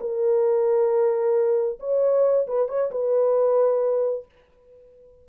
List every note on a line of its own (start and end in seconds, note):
0.00 1.79 A#4
1.80 2.47 C#5
2.47 2.68 B4
2.68 2.91 C#5
2.91 4.25 B4